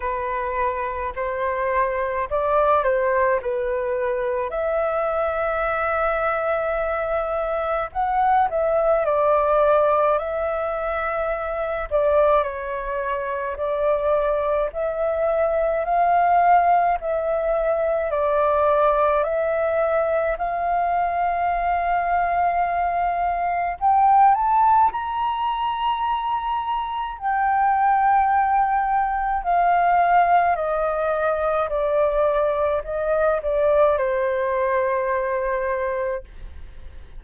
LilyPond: \new Staff \with { instrumentName = "flute" } { \time 4/4 \tempo 4 = 53 b'4 c''4 d''8 c''8 b'4 | e''2. fis''8 e''8 | d''4 e''4. d''8 cis''4 | d''4 e''4 f''4 e''4 |
d''4 e''4 f''2~ | f''4 g''8 a''8 ais''2 | g''2 f''4 dis''4 | d''4 dis''8 d''8 c''2 | }